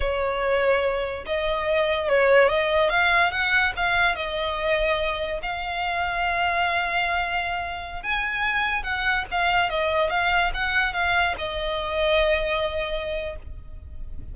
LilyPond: \new Staff \with { instrumentName = "violin" } { \time 4/4 \tempo 4 = 144 cis''2. dis''4~ | dis''4 cis''4 dis''4 f''4 | fis''4 f''4 dis''2~ | dis''4 f''2.~ |
f''2.~ f''16 gis''8.~ | gis''4~ gis''16 fis''4 f''4 dis''8.~ | dis''16 f''4 fis''4 f''4 dis''8.~ | dis''1 | }